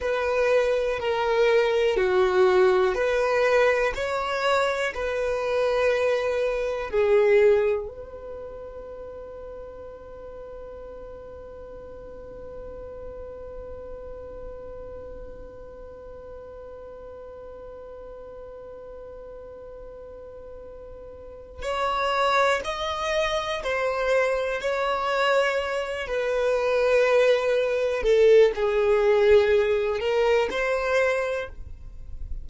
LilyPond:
\new Staff \with { instrumentName = "violin" } { \time 4/4 \tempo 4 = 61 b'4 ais'4 fis'4 b'4 | cis''4 b'2 gis'4 | b'1~ | b'1~ |
b'1~ | b'2 cis''4 dis''4 | c''4 cis''4. b'4.~ | b'8 a'8 gis'4. ais'8 c''4 | }